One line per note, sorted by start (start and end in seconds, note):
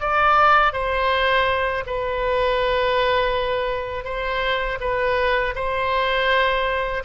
0.00 0.73 D5
0.73 1.84 C5
1.87 4.04 B4
4.04 4.78 C5
4.80 5.54 B4
5.55 7.03 C5